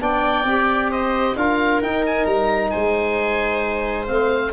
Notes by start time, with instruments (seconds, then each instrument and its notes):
0.00 tuba B3, trombone D4, viola D5, oboe G5
0.45 tuba C4, trombone G4
0.91 viola C5, oboe D#5
1.36 tuba D4, trombone F4, viola A#4, oboe F5
1.82 tuba D#4, trombone D#4, oboe G5
2.07 oboe G#5
2.27 tuba G3, oboe A#5
2.71 tuba G#3, viola C5, oboe G#5
4.07 tuba A3, trombone C4, oboe F5